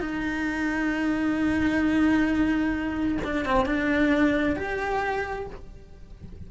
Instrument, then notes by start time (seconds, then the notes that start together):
cello
0.00 D#4
3.24 D4
3.45 C4
3.66 D4
4.56 G4